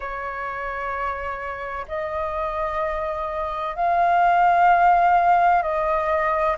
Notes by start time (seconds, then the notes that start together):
0.00 C#5
1.87 D#5
3.75 F5
5.62 D#5